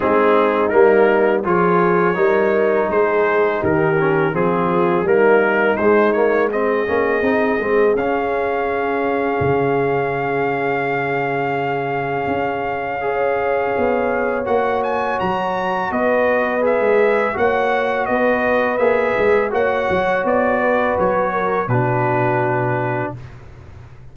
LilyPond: <<
  \new Staff \with { instrumentName = "trumpet" } { \time 4/4 \tempo 4 = 83 gis'4 ais'4 cis''2 | c''4 ais'4 gis'4 ais'4 | c''8 cis''8 dis''2 f''4~ | f''1~ |
f''1 | fis''8 gis''8 ais''4 dis''4 e''4 | fis''4 dis''4 e''4 fis''4 | d''4 cis''4 b'2 | }
  \new Staff \with { instrumentName = "horn" } { \time 4/4 dis'2 gis'4 ais'4 | gis'4 g'4 f'4 dis'4~ | dis'4 gis'2.~ | gis'1~ |
gis'2 cis''2~ | cis''2 b'2 | cis''4 b'2 cis''4~ | cis''8 b'4 ais'8 fis'2 | }
  \new Staff \with { instrumentName = "trombone" } { \time 4/4 c'4 ais4 f'4 dis'4~ | dis'4. cis'8 c'4 ais4 | gis8 ais8 c'8 cis'8 dis'8 c'8 cis'4~ | cis'1~ |
cis'2 gis'2 | fis'2. gis'4 | fis'2 gis'4 fis'4~ | fis'2 d'2 | }
  \new Staff \with { instrumentName = "tuba" } { \time 4/4 gis4 g4 f4 g4 | gis4 dis4 f4 g4 | gis4. ais8 c'8 gis8 cis'4~ | cis'4 cis2.~ |
cis4 cis'2 b4 | ais4 fis4 b4~ b16 gis8. | ais4 b4 ais8 gis8 ais8 fis8 | b4 fis4 b,2 | }
>>